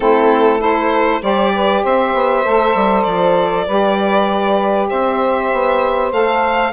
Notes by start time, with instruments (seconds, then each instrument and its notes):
0.00 bassoon A3, saxophone C4 E4, violin A4
0.59 saxophone E4 A4, violin C5
1.21 bassoon G3, saxophone G4 C5, violin D5
1.54 saxophone B4
1.83 bassoon C4, saxophone C5, violin E5
2.14 bassoon B3
2.44 bassoon A3, saxophone A4
2.74 bassoon G3
3.03 bassoon F3, violin D5
3.66 bassoon G3, saxophone G4 B4
4.89 bassoon C4, saxophone C5, violin E5
5.52 bassoon B3
6.12 bassoon A3, saxophone A4, violin F5